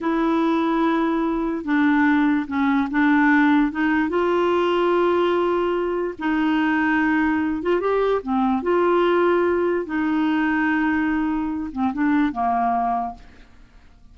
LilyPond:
\new Staff \with { instrumentName = "clarinet" } { \time 4/4 \tempo 4 = 146 e'1 | d'2 cis'4 d'4~ | d'4 dis'4 f'2~ | f'2. dis'4~ |
dis'2~ dis'8 f'8 g'4 | c'4 f'2. | dis'1~ | dis'8 c'8 d'4 ais2 | }